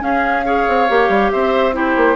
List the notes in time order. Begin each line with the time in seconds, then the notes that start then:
0.00 C#4 G#4 F5
0.45 G#4 C#5
0.68 C4
0.89 A#3 G4
1.09 G3
1.32 C4 C5 E5
1.73 E4 G4 C5
1.97 A#3